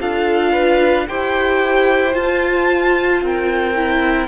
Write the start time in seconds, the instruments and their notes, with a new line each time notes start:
0.00 cello D4, viola F4, violin A4 F5
0.52 violin B4
1.08 cello E4, viola G4, violin C5 G5
2.13 viola F4, cello F4, violin A5
3.22 cello C4, violin A#4 G5
3.76 viola E4